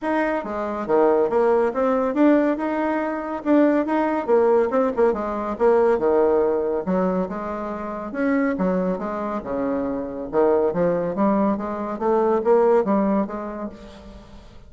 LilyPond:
\new Staff \with { instrumentName = "bassoon" } { \time 4/4 \tempo 4 = 140 dis'4 gis4 dis4 ais4 | c'4 d'4 dis'2 | d'4 dis'4 ais4 c'8 ais8 | gis4 ais4 dis2 |
fis4 gis2 cis'4 | fis4 gis4 cis2 | dis4 f4 g4 gis4 | a4 ais4 g4 gis4 | }